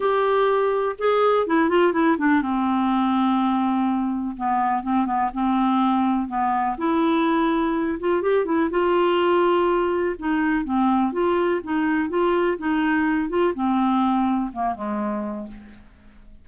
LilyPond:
\new Staff \with { instrumentName = "clarinet" } { \time 4/4 \tempo 4 = 124 g'2 gis'4 e'8 f'8 | e'8 d'8 c'2.~ | c'4 b4 c'8 b8 c'4~ | c'4 b4 e'2~ |
e'8 f'8 g'8 e'8 f'2~ | f'4 dis'4 c'4 f'4 | dis'4 f'4 dis'4. f'8 | c'2 ais8 gis4. | }